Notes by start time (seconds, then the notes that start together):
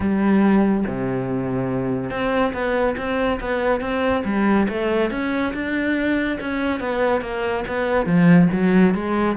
0.00 G3
0.86 C3
2.10 C4
2.53 B3
2.97 C4
3.40 B3
3.80 C4
4.24 G3
4.68 A3
5.10 C#4
5.53 D4
6.40 C#4
6.80 B3
7.21 A#3
7.67 B3
8.06 F3
8.52 F#3
8.94 G#3